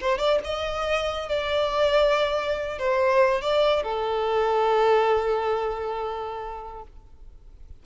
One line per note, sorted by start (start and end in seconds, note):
0.00 0.18 C5
0.18 0.39 D5
0.44 1.28 D#5
1.28 2.78 D5
2.78 3.41 C5
3.41 3.83 D5
3.83 6.83 A4